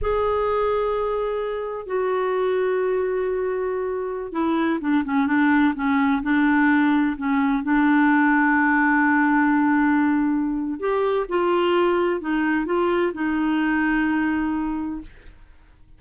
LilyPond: \new Staff \with { instrumentName = "clarinet" } { \time 4/4 \tempo 4 = 128 gis'1 | fis'1~ | fis'4~ fis'16 e'4 d'8 cis'8 d'8.~ | d'16 cis'4 d'2 cis'8.~ |
cis'16 d'2.~ d'8.~ | d'2. g'4 | f'2 dis'4 f'4 | dis'1 | }